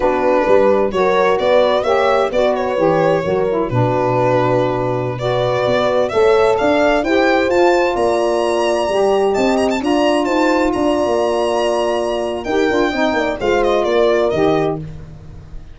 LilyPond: <<
  \new Staff \with { instrumentName = "violin" } { \time 4/4 \tempo 4 = 130 b'2 cis''4 d''4 | e''4 d''8 cis''2~ cis''8 | b'2.~ b'16 d''8.~ | d''4~ d''16 e''4 f''4 g''8.~ |
g''16 a''4 ais''2~ ais''8.~ | ais''16 a''8 ais''16 a''16 ais''4 a''4 ais''8.~ | ais''2. g''4~ | g''4 f''8 dis''8 d''4 dis''4 | }
  \new Staff \with { instrumentName = "horn" } { \time 4/4 fis'4 b'4 ais'4 b'4 | cis''4 b'2 ais'4 | fis'2.~ fis'16 b'8.~ | b'4~ b'16 cis''4 d''4 c''8.~ |
c''4~ c''16 d''2~ d''8.~ | d''16 dis''4 d''4 c''4 d''8.~ | d''2. ais'4 | dis''8 d''8 c''4 ais'2 | }
  \new Staff \with { instrumentName = "saxophone" } { \time 4/4 d'2 fis'2 | g'4 fis'4 g'4 fis'8 e'8 | d'2.~ d'16 fis'8.~ | fis'4~ fis'16 a'2 g'8.~ |
g'16 f'2. g'8.~ | g'4~ g'16 f'2~ f'8.~ | f'2. g'8 f'8 | dis'4 f'2 g'4 | }
  \new Staff \with { instrumentName = "tuba" } { \time 4/4 b4 g4 fis4 b4 | ais4 b4 e4 fis4 | b,1~ | b,16 b4 a4 d'4 e'8.~ |
e'16 f'4 ais2 g8.~ | g16 c'4 d'4 dis'4 d'8. | ais2. dis'8 d'8 | c'8 ais8 gis4 ais4 dis4 | }
>>